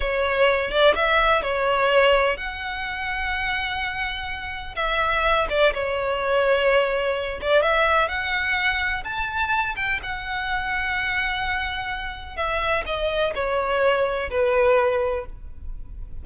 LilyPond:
\new Staff \with { instrumentName = "violin" } { \time 4/4 \tempo 4 = 126 cis''4. d''8 e''4 cis''4~ | cis''4 fis''2.~ | fis''2 e''4. d''8 | cis''2.~ cis''8 d''8 |
e''4 fis''2 a''4~ | a''8 g''8 fis''2.~ | fis''2 e''4 dis''4 | cis''2 b'2 | }